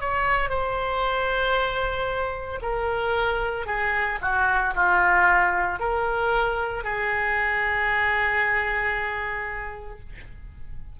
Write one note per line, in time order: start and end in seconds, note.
0.00 0.50 C#5
0.50 2.60 C5
2.62 3.67 A#4
3.67 4.19 G#4
4.22 4.74 F#4
4.75 5.79 F4
5.79 6.84 A#4
6.84 10.00 G#4